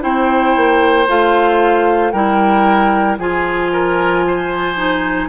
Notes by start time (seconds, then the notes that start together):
0.00 C4 E4 C5 G5
0.56 A#3
1.07 A3 F4 F5
2.11 G3 E4 A#4 G5
3.18 F3 F4 G#4 G#5
3.72 A#4
4.27 C5
4.76 D#4